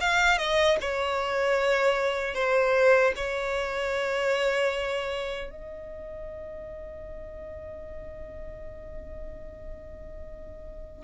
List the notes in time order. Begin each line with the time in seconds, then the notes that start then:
0.00 F5
0.38 D#5
0.80 C#5
2.34 C5
3.15 C#5
5.50 D#5